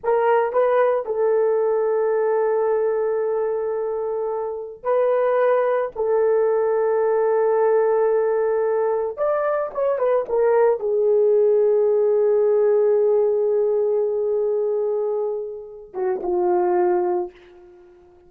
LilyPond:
\new Staff \with { instrumentName = "horn" } { \time 4/4 \tempo 4 = 111 ais'4 b'4 a'2~ | a'1~ | a'4 b'2 a'4~ | a'1~ |
a'4 d''4 cis''8 b'8 ais'4 | gis'1~ | gis'1~ | gis'4. fis'8 f'2 | }